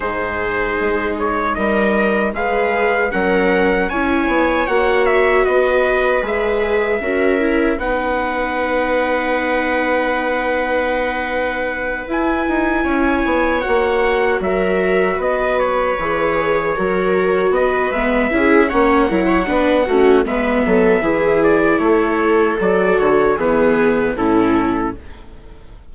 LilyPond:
<<
  \new Staff \with { instrumentName = "trumpet" } { \time 4/4 \tempo 4 = 77 c''4. cis''8 dis''4 f''4 | fis''4 gis''4 fis''8 e''8 dis''4 | e''2 fis''2~ | fis''2.~ fis''8 gis''8~ |
gis''4. fis''4 e''4 dis''8 | cis''2~ cis''8 dis''8 e''4 | fis''2 e''4. d''8 | cis''4 d''8 cis''8 b'4 a'4 | }
  \new Staff \with { instrumentName = "viola" } { \time 4/4 gis'2 ais'4 b'4 | ais'4 cis''2 b'4~ | b'4 ais'4 b'2~ | b'1~ |
b'8 cis''2 ais'4 b'8~ | b'4. ais'4 b'4 gis'8 | cis''8 ais'16 cis''16 b'8 fis'8 b'8 a'8 gis'4 | a'2 gis'4 e'4 | }
  \new Staff \with { instrumentName = "viola" } { \time 4/4 dis'2. gis'4 | cis'4 e'4 fis'2 | gis'4 fis'8 e'8 dis'2~ | dis'2.~ dis'8 e'8~ |
e'4. fis'2~ fis'8~ | fis'8 gis'4 fis'4. b8 e'8 | cis'8 e'8 d'8 cis'8 b4 e'4~ | e'4 fis'4 b4 cis'4 | }
  \new Staff \with { instrumentName = "bassoon" } { \time 4/4 gis,4 gis4 g4 gis4 | fis4 cis'8 b8 ais4 b4 | gis4 cis'4 b2~ | b2.~ b8 e'8 |
dis'8 cis'8 b8 ais4 fis4 b8~ | b8 e4 fis4 b8 gis8 cis'8 | ais8 fis8 b8 a8 gis8 fis8 e4 | a4 fis8 d8 e4 a,4 | }
>>